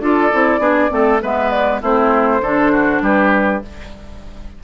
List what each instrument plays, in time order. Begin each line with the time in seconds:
0.00 bassoon D4, clarinet F4, oboe A4, flute D5
0.32 bassoon C4, clarinet E4
0.59 bassoon B3, clarinet D4, oboe G#4
0.89 bassoon A3, clarinet C4, oboe A4
1.22 bassoon G#3, clarinet B3, oboe B4, flute E5
1.50 flute D5
1.81 bassoon A3, clarinet C4, oboe E4, flute C5
2.41 bassoon D3, clarinet D4, oboe A4
2.72 oboe F#4
3.01 bassoon G3, oboe G4, flute B4